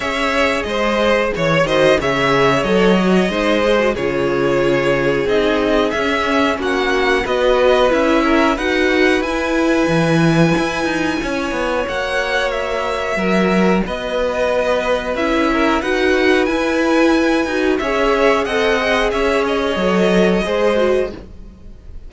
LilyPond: <<
  \new Staff \with { instrumentName = "violin" } { \time 4/4 \tempo 4 = 91 e''4 dis''4 cis''8 dis''8 e''4 | dis''2 cis''2 | dis''4 e''4 fis''4 dis''4 | e''4 fis''4 gis''2~ |
gis''2 fis''4 e''4~ | e''4 dis''2 e''4 | fis''4 gis''2 e''4 | fis''4 e''8 dis''2~ dis''8 | }
  \new Staff \with { instrumentName = "violin" } { \time 4/4 cis''4 c''4 cis''8 c''8 cis''4~ | cis''4 c''4 gis'2~ | gis'2 fis'4 b'4~ | b'8 ais'8 b'2.~ |
b'4 cis''2. | ais'4 b'2~ b'8 ais'8 | b'2. cis''4 | dis''4 cis''2 c''4 | }
  \new Staff \with { instrumentName = "viola" } { \time 4/4 gis'2~ gis'8 fis'8 gis'4 | a'8 fis'8 dis'8 gis'16 fis'16 f'2 | dis'4 cis'2 fis'4 | e'4 fis'4 e'2~ |
e'2 fis'2~ | fis'2. e'4 | fis'4 e'4. fis'8 gis'4 | a'8 gis'4. a'4 gis'8 fis'8 | }
  \new Staff \with { instrumentName = "cello" } { \time 4/4 cis'4 gis4 e8 dis8 cis4 | fis4 gis4 cis2 | c'4 cis'4 ais4 b4 | cis'4 dis'4 e'4 e4 |
e'8 dis'8 cis'8 b8 ais2 | fis4 b2 cis'4 | dis'4 e'4. dis'8 cis'4 | c'4 cis'4 fis4 gis4 | }
>>